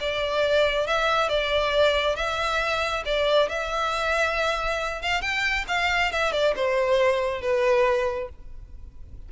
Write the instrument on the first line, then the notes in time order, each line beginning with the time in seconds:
violin
0.00 D5
0.87 E5
1.29 D5
2.16 E5
3.05 D5
3.49 E5
5.01 F5
5.21 G5
5.68 F5
6.11 E5
6.32 D5
6.55 C5
7.41 B4